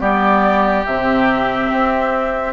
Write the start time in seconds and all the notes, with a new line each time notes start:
0.00 G3 B3 G4 D5
0.86 C3 C4 E5
1.72 C4